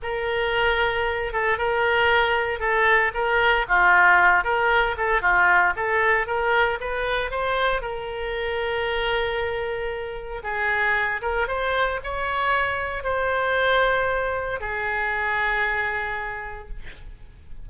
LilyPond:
\new Staff \with { instrumentName = "oboe" } { \time 4/4 \tempo 4 = 115 ais'2~ ais'8 a'8 ais'4~ | ais'4 a'4 ais'4 f'4~ | f'8 ais'4 a'8 f'4 a'4 | ais'4 b'4 c''4 ais'4~ |
ais'1 | gis'4. ais'8 c''4 cis''4~ | cis''4 c''2. | gis'1 | }